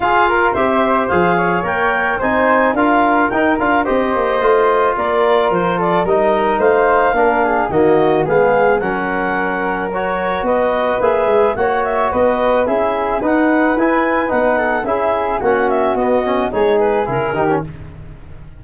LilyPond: <<
  \new Staff \with { instrumentName = "clarinet" } { \time 4/4 \tempo 4 = 109 f''4 e''4 f''4 g''4 | gis''4 f''4 g''8 f''8 dis''4~ | dis''4 d''4 c''8 d''8 dis''4 | f''2 dis''4 f''4 |
fis''2 cis''4 dis''4 | e''4 fis''8 e''8 dis''4 e''4 | fis''4 gis''4 fis''4 e''4 | fis''8 e''8 dis''4 cis''8 b'8 ais'4 | }
  \new Staff \with { instrumentName = "flute" } { \time 4/4 gis'8 ais'8 c''4. cis''4. | c''4 ais'2 c''4~ | c''4 ais'4. a'8 ais'4 | c''4 ais'8 gis'8 fis'4 gis'4 |
ais'2. b'4~ | b'4 cis''4 b'4 gis'4 | b'2~ b'8 a'8 gis'4 | fis'2 gis'4. g'8 | }
  \new Staff \with { instrumentName = "trombone" } { \time 4/4 f'4 g'4 gis'4 ais'4 | dis'4 f'4 dis'8 f'8 g'4 | f'2. dis'4~ | dis'4 d'4 ais4 b4 |
cis'2 fis'2 | gis'4 fis'2 e'4 | dis'4 e'4 dis'4 e'4 | cis'4 b8 cis'8 dis'4 e'8 dis'16 cis'16 | }
  \new Staff \with { instrumentName = "tuba" } { \time 4/4 f'4 c'4 f4 ais4 | c'4 d'4 dis'8 d'8 c'8 ais8 | a4 ais4 f4 g4 | a4 ais4 dis4 gis4 |
fis2. b4 | ais8 gis8 ais4 b4 cis'4 | dis'4 e'4 b4 cis'4 | ais4 b4 gis4 cis8 dis8 | }
>>